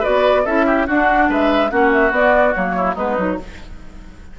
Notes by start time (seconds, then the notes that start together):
0.00 F#4 B4 D5
0.07 B3
0.45 C#4 E4 A4 E5
0.67 G4
0.87 D4 F#4 F#5
1.29 G#3 B4 E5
1.69 A#3 C#4 F#4 F#5
1.92 E5
2.11 B3 D5
2.55 F#3 A#3 C#5
2.77 E4
2.95 G#3 B3 D#4 B4
3.17 F#3 D#4